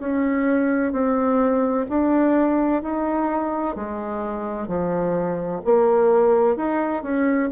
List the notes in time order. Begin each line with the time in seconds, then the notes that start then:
0.00 C#4
0.92 C4
1.90 D4
2.83 D#4
3.76 G#3
4.68 F3
5.65 A#3
6.57 D#4
7.03 C#4